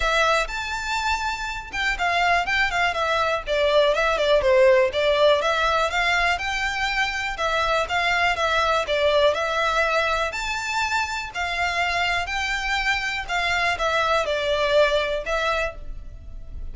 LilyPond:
\new Staff \with { instrumentName = "violin" } { \time 4/4 \tempo 4 = 122 e''4 a''2~ a''8 g''8 | f''4 g''8 f''8 e''4 d''4 | e''8 d''8 c''4 d''4 e''4 | f''4 g''2 e''4 |
f''4 e''4 d''4 e''4~ | e''4 a''2 f''4~ | f''4 g''2 f''4 | e''4 d''2 e''4 | }